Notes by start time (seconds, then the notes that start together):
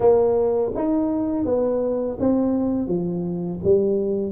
0.00 A#3
0.75 D#4
1.45 B3
2.19 C4
2.87 F3
3.63 G3